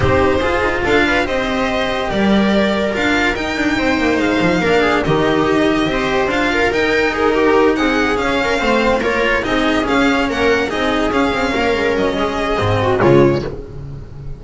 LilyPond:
<<
  \new Staff \with { instrumentName = "violin" } { \time 4/4 \tempo 4 = 143 c''2 f''4 dis''4~ | dis''4 d''2 f''4 | g''2 f''2 | dis''2. f''4 |
g''4 ais'4. fis''4 f''8~ | f''4. cis''4 dis''4 f''8~ | f''8 fis''4 dis''4 f''4.~ | f''8 dis''2~ dis''8 cis''4 | }
  \new Staff \with { instrumentName = "viola" } { \time 4/4 g'4 gis'4 a'8 b'8 c''4~ | c''4 ais'2.~ | ais'4 c''2 ais'8 gis'8 | g'2 c''4. ais'8~ |
ais'4 gis'8 g'4 gis'4. | ais'8 c''4 ais'4 gis'4.~ | gis'8 ais'4 gis'2 ais'8~ | ais'4 gis'4. fis'8 f'4 | }
  \new Staff \with { instrumentName = "cello" } { \time 4/4 dis'4 f'2 g'4~ | g'2. f'4 | dis'2. d'4 | dis'2 g'4 f'4 |
dis'2.~ dis'8 cis'8~ | cis'8 c'4 f'4 dis'4 cis'8~ | cis'4. dis'4 cis'4.~ | cis'2 c'4 gis4 | }
  \new Staff \with { instrumentName = "double bass" } { \time 4/4 c'4 f'8 dis'8 d'4 c'4~ | c'4 g2 d'4 | dis'8 d'8 c'8 ais8 gis8 f8 ais4 | dis2 c'4 d'4 |
dis'2~ dis'8 c'4 cis'8~ | cis'8 a4 ais4 c'4 cis'8~ | cis'8 ais4 c'4 cis'8 c'8 ais8 | gis8 fis8 gis4 gis,4 cis4 | }
>>